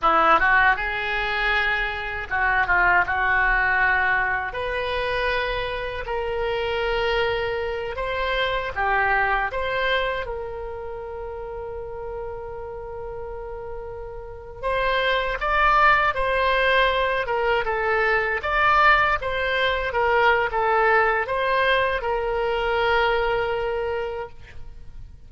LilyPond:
\new Staff \with { instrumentName = "oboe" } { \time 4/4 \tempo 4 = 79 e'8 fis'8 gis'2 fis'8 f'8 | fis'2 b'2 | ais'2~ ais'8 c''4 g'8~ | g'8 c''4 ais'2~ ais'8~ |
ais'2.~ ais'16 c''8.~ | c''16 d''4 c''4. ais'8 a'8.~ | a'16 d''4 c''4 ais'8. a'4 | c''4 ais'2. | }